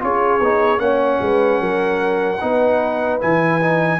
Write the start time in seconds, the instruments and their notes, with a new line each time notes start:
0.00 tuba C#4, trombone F4, horn G#4, trumpet C#5
0.40 tuba B3, trombone D#4
0.78 tuba A#3, trombone C#4, horn C#5, trumpet F#5
1.21 tuba G#3, horn B4
1.60 tuba F#3, horn A#4
2.41 tuba B3, trombone D#4, horn B4
3.21 tuba E3, trombone E4, trumpet G#5
3.62 trombone D#4